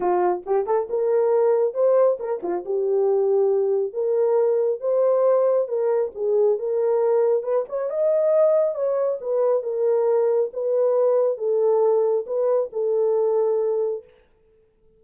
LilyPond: \new Staff \with { instrumentName = "horn" } { \time 4/4 \tempo 4 = 137 f'4 g'8 a'8 ais'2 | c''4 ais'8 f'8 g'2~ | g'4 ais'2 c''4~ | c''4 ais'4 gis'4 ais'4~ |
ais'4 b'8 cis''8 dis''2 | cis''4 b'4 ais'2 | b'2 a'2 | b'4 a'2. | }